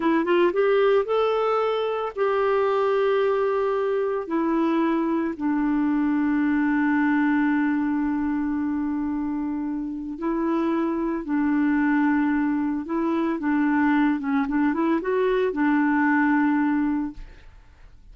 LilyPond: \new Staff \with { instrumentName = "clarinet" } { \time 4/4 \tempo 4 = 112 e'8 f'8 g'4 a'2 | g'1 | e'2 d'2~ | d'1~ |
d'2. e'4~ | e'4 d'2. | e'4 d'4. cis'8 d'8 e'8 | fis'4 d'2. | }